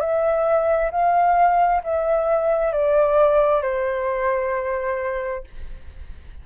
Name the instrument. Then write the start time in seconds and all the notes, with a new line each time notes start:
flute
0.00 E5
0.91 F5
1.84 E5
2.73 D5
3.62 C5